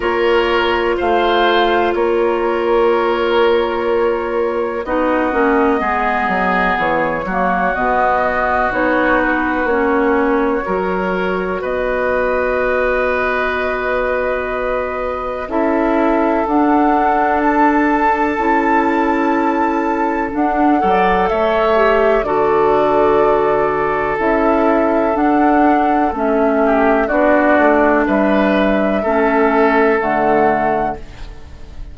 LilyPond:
<<
  \new Staff \with { instrumentName = "flute" } { \time 4/4 \tempo 4 = 62 cis''4 f''4 cis''2~ | cis''4 dis''2 cis''4 | dis''4 cis''8 b'8 cis''2 | dis''1 |
e''4 fis''4 a''2~ | a''4 fis''4 e''4 d''4~ | d''4 e''4 fis''4 e''4 | d''4 e''2 fis''4 | }
  \new Staff \with { instrumentName = "oboe" } { \time 4/4 ais'4 c''4 ais'2~ | ais'4 fis'4 gis'4. fis'8~ | fis'2. ais'4 | b'1 |
a'1~ | a'4. d''8 cis''4 a'4~ | a'2.~ a'8 g'8 | fis'4 b'4 a'2 | }
  \new Staff \with { instrumentName = "clarinet" } { \time 4/4 f'1~ | f'4 dis'8 cis'8 b4. ais8 | b4 dis'4 cis'4 fis'4~ | fis'1 |
e'4 d'2 e'4~ | e'4 d'8 a'4 g'8 fis'4~ | fis'4 e'4 d'4 cis'4 | d'2 cis'4 a4 | }
  \new Staff \with { instrumentName = "bassoon" } { \time 4/4 ais4 a4 ais2~ | ais4 b8 ais8 gis8 fis8 e8 fis8 | b,4 b4 ais4 fis4 | b1 |
cis'4 d'2 cis'4~ | cis'4 d'8 fis8 a4 d4~ | d4 cis'4 d'4 a4 | b8 a8 g4 a4 d4 | }
>>